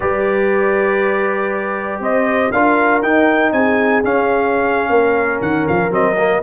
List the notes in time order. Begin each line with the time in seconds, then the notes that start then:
0.00 G3 G4 B4 D5
1.99 C4 C5 D#5
2.51 D4 F4 A#4 F5
3.02 D#4 G5
3.52 C4 G#4 G#5
4.03 C#4 F5
4.89 A#3 A#4
5.41 D#3 F#5
5.67 F3 F5
5.90 F#3 C4 D#5
6.17 A#3